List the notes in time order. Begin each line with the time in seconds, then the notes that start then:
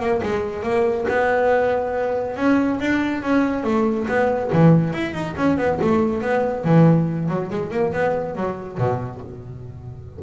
0.00 A#3
0.23 G#3
0.63 A#3
1.08 B3
2.36 C#4
2.80 D4
3.22 C#4
3.64 A3
4.08 B3
4.52 E3
4.93 E4
5.14 D#4
5.37 C#4
5.58 B3
5.81 A3
6.22 B3
6.64 E3
7.29 F#3
7.51 G#3
7.71 A#3
7.93 B3
8.36 F#3
8.78 B2